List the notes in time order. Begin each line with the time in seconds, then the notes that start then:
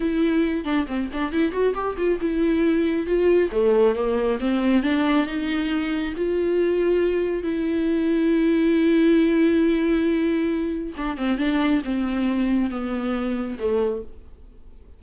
0.00 E4
0.64 D4
0.87 C4
1.12 D4
1.31 E4
1.51 F#4
1.74 G4
1.97 F4
2.21 E4
3.06 F4
3.51 A3
3.95 A#3
4.40 C4
4.83 D4
5.26 D#4
6.16 F4
7.43 E4
10.96 D4
11.17 C4
11.38 D4
11.84 C4
12.70 B3
13.58 A3